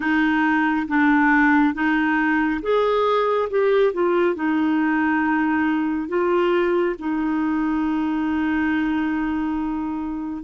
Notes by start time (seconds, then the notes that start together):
0.00 D#4
0.88 D4
1.74 D#4
2.62 G#4
3.50 G4
3.93 F4
4.35 D#4
6.08 F4
6.98 D#4